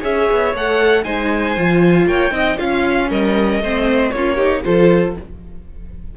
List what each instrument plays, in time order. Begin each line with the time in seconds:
0.00 cello C#4, viola G#4, violin C#5 E5
0.30 cello B3
0.54 cello A3, viola A4, violin F#5
1.03 cello G#3, viola D#4, violin C5 G#5
1.57 cello F3, viola F4
2.06 cello A#3, violin C#5 G5
2.30 cello C4, viola D#4, violin D#5
2.58 cello C#4, viola C#4, violin F4 F5
3.09 cello G3, violin A#4 D#5
3.59 cello A3, viola C4, violin C5
4.10 cello A#3, viola C#4, violin F4 C#5
4.35 viola D#4, violin G4
4.63 cello F3, viola F4, violin A4 C5